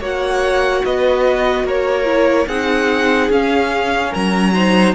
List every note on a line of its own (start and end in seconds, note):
0.00 0.82 A#3
0.00 2.05 F#4
0.00 0.82 C#5
0.00 0.85 F#5
0.85 1.64 B3
0.85 1.65 B4
0.85 1.67 D#5
1.64 2.46 A#3
1.64 2.47 A#4
1.64 2.48 C#5
2.05 2.46 E4
2.47 3.29 C4
2.47 3.31 D#4
2.47 4.10 G#4
2.47 3.30 F#5
3.30 4.12 C#4
3.30 4.54 C#4
3.30 4.14 F5
4.10 4.94 F#3
4.10 4.51 A#4
4.10 4.94 A#5
4.54 4.94 D#4
4.54 4.94 C5